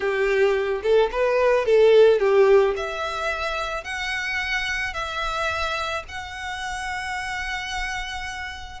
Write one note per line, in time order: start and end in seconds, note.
0.00 0.82 G4
0.82 1.10 A4
1.11 1.65 B4
1.65 2.19 A4
2.19 2.74 G4
2.76 3.84 E5
3.84 4.93 F#5
4.93 6.03 E5
6.08 8.80 F#5